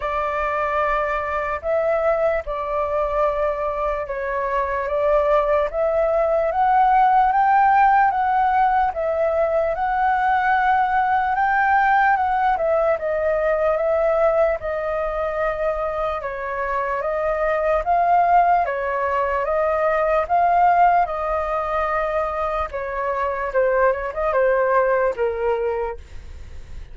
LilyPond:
\new Staff \with { instrumentName = "flute" } { \time 4/4 \tempo 4 = 74 d''2 e''4 d''4~ | d''4 cis''4 d''4 e''4 | fis''4 g''4 fis''4 e''4 | fis''2 g''4 fis''8 e''8 |
dis''4 e''4 dis''2 | cis''4 dis''4 f''4 cis''4 | dis''4 f''4 dis''2 | cis''4 c''8 cis''16 dis''16 c''4 ais'4 | }